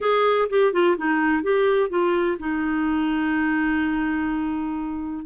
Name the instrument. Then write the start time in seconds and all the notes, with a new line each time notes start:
clarinet
0.00 G#4
0.49 G4
0.72 F4
0.97 D#4
1.43 G4
1.89 F4
2.39 D#4